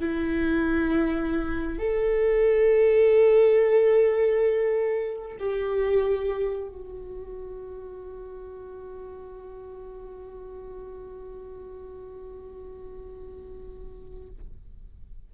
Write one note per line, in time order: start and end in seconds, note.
0.00 1.78 E4
1.78 5.36 A4
5.39 6.68 G4
6.68 14.29 F#4